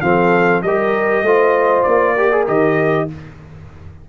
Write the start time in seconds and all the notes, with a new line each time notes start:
0.00 F3 C4 A4 F5
0.62 G3 G4 A#4 D#5
1.22 A3 F4 C5
1.83 A#3 D5
2.15 G4 A#4
2.31 G#4
2.46 D#3 G4 D#5